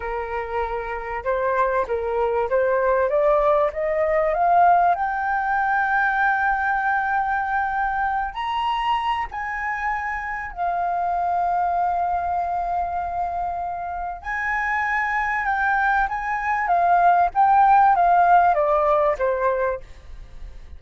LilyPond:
\new Staff \with { instrumentName = "flute" } { \time 4/4 \tempo 4 = 97 ais'2 c''4 ais'4 | c''4 d''4 dis''4 f''4 | g''1~ | g''4. ais''4. gis''4~ |
gis''4 f''2.~ | f''2. gis''4~ | gis''4 g''4 gis''4 f''4 | g''4 f''4 d''4 c''4 | }